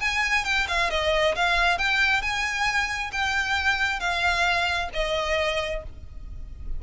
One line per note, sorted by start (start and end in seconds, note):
0.00 0.45 G#5
0.45 0.67 G5
0.68 0.90 F5
0.90 1.35 D#5
1.35 1.78 F5
1.78 2.21 G5
2.21 3.11 G#5
3.12 4.00 G5
4.00 4.89 F5
4.93 5.83 D#5